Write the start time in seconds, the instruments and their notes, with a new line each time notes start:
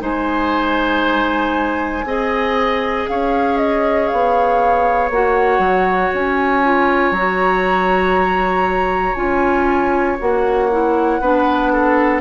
0.00 bassoon G#3, clarinet D#4, oboe C5, flute G#5
2.04 bassoon C4, clarinet G#4, oboe D#5
3.08 bassoon C#4, oboe C#5, flute F5
3.57 flute D#5
4.07 bassoon B3, flute F5
5.10 bassoon A#3, clarinet F#4, flute F#5
5.58 bassoon F#3
6.13 bassoon C#4, flute G#5
6.63 clarinet F4
7.11 bassoon F#3, clarinet F#4, flute A#5
9.15 bassoon C#4, clarinet F4, flute G#5
10.18 bassoon A#3, clarinet F#4, flute F#5
10.71 clarinet E4
11.19 bassoon B3, clarinet D4, oboe B4
11.72 oboe A4